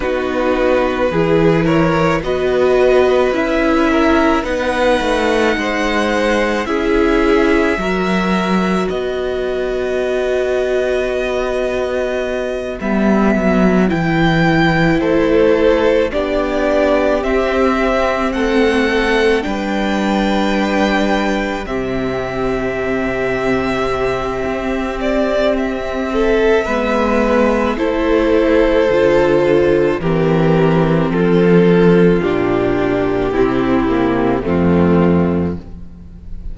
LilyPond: <<
  \new Staff \with { instrumentName = "violin" } { \time 4/4 \tempo 4 = 54 b'4. cis''8 dis''4 e''4 | fis''2 e''2 | dis''2.~ dis''8 e''8~ | e''8 g''4 c''4 d''4 e''8~ |
e''8 fis''4 g''2 e''8~ | e''2~ e''8 d''8 e''4~ | e''4 c''2 ais'4 | a'4 g'2 f'4 | }
  \new Staff \with { instrumentName = "violin" } { \time 4/4 fis'4 gis'8 ais'8 b'4. ais'8 | b'4 c''4 gis'4 ais'4 | b'1~ | b'4. a'4 g'4.~ |
g'8 a'4 b'2 g'8~ | g'2.~ g'8 a'8 | b'4 a'2 g'4 | f'2 e'4 c'4 | }
  \new Staff \with { instrumentName = "viola" } { \time 4/4 dis'4 e'4 fis'4 e'4 | dis'2 e'4 fis'4~ | fis'2.~ fis'8 b8~ | b8 e'2 d'4 c'8~ |
c'4. d'2 c'8~ | c'1 | b4 e'4 f'4 c'4~ | c'4 d'4 c'8 ais8 a4 | }
  \new Staff \with { instrumentName = "cello" } { \time 4/4 b4 e4 b4 cis'4 | b8 a8 gis4 cis'4 fis4 | b2.~ b8 g8 | fis8 e4 a4 b4 c'8~ |
c'8 a4 g2 c8~ | c2 c'2 | gis4 a4 d4 e4 | f4 ais,4 c4 f,4 | }
>>